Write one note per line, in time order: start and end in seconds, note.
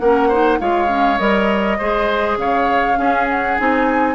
0.00 0.60 A#3
0.00 0.32 C#4
0.00 0.29 A#4
0.00 0.59 F#5
0.29 0.61 D#4
0.29 0.59 C5
0.60 1.20 G#3
0.60 0.88 F4
0.60 1.79 C#5
0.60 1.19 F5
0.88 1.18 C#4
1.19 1.79 G3
1.19 1.79 A#4
1.19 2.38 D#5
1.79 2.37 G#3
1.79 2.95 G#4
1.79 2.38 C5
2.37 2.97 C#3
2.37 2.99 C#5
2.37 3.29 F5
2.95 3.54 C#4
2.95 3.58 C#4
2.95 4.16 G#4
3.30 3.59 F#5
3.59 4.16 C4
3.59 4.16 D#4
3.59 4.16 G#5